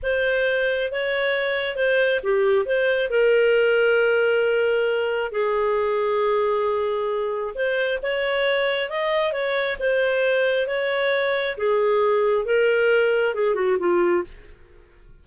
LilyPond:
\new Staff \with { instrumentName = "clarinet" } { \time 4/4 \tempo 4 = 135 c''2 cis''2 | c''4 g'4 c''4 ais'4~ | ais'1 | gis'1~ |
gis'4 c''4 cis''2 | dis''4 cis''4 c''2 | cis''2 gis'2 | ais'2 gis'8 fis'8 f'4 | }